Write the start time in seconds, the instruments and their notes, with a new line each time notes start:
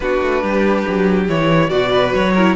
0.00 cello B3, viola D4, violin F#4 B4
0.21 cello A3
0.42 cello G3, violin G4
0.88 cello F#3
1.28 cello E3, viola E4, violin C#5
1.68 cello B2, violin F#4 D5, viola F#4
1.90 violin B4
2.13 cello F#3, violin C#5
2.34 viola E4, violin A#4